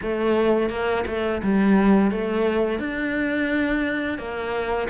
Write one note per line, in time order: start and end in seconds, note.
0.02 0.69 A3
0.69 1.04 A#3
1.07 1.41 A3
1.42 2.11 G3
2.11 2.79 A3
2.79 4.18 D4
4.18 4.88 A#3